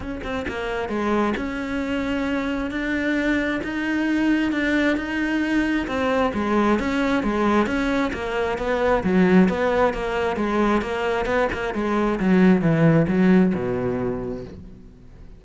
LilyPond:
\new Staff \with { instrumentName = "cello" } { \time 4/4 \tempo 4 = 133 cis'8 c'8 ais4 gis4 cis'4~ | cis'2 d'2 | dis'2 d'4 dis'4~ | dis'4 c'4 gis4 cis'4 |
gis4 cis'4 ais4 b4 | fis4 b4 ais4 gis4 | ais4 b8 ais8 gis4 fis4 | e4 fis4 b,2 | }